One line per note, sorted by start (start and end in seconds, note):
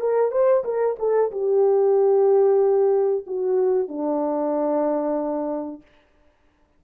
0.00 0.31 A#4
0.31 0.64 C5
0.64 0.96 A#4
0.99 1.31 A4
1.31 3.25 G4
3.26 3.88 F#4
3.88 5.82 D4